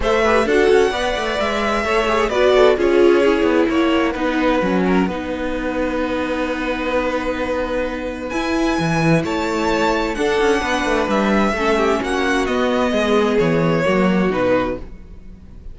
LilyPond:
<<
  \new Staff \with { instrumentName = "violin" } { \time 4/4 \tempo 4 = 130 e''4 fis''2 e''4~ | e''4 d''4 cis''2 | fis''1~ | fis''1~ |
fis''2 gis''2 | a''2 fis''2 | e''2 fis''4 dis''4~ | dis''4 cis''2 b'4 | }
  \new Staff \with { instrumentName = "violin" } { \time 4/4 c''8 b'8 a'4 d''2 | cis''4 b'8 a'8 gis'2 | cis''4 b'4. ais'8 b'4~ | b'1~ |
b'1 | cis''2 a'4 b'4~ | b'4 a'8 g'8 fis'2 | gis'2 fis'2 | }
  \new Staff \with { instrumentName = "viola" } { \time 4/4 a'8 g'8 fis'4 b'2 | a'8 gis'8 fis'4 f'4 e'4~ | e'4 dis'4 cis'4 dis'4~ | dis'1~ |
dis'2 e'2~ | e'2 d'2~ | d'4 cis'2 b4~ | b2 ais4 dis'4 | }
  \new Staff \with { instrumentName = "cello" } { \time 4/4 a4 d'8 cis'8 b8 a8 gis4 | a4 b4 cis'4. b8 | ais4 b4 fis4 b4~ | b1~ |
b2 e'4 e4 | a2 d'8 cis'8 b8 a8 | g4 a4 ais4 b4 | gis4 e4 fis4 b,4 | }
>>